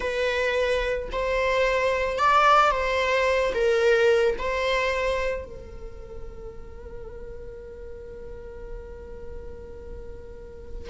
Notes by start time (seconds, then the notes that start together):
0.00 B4
1.12 C5
2.18 D5
2.71 C5
3.54 A#4
4.38 C5
5.45 A#4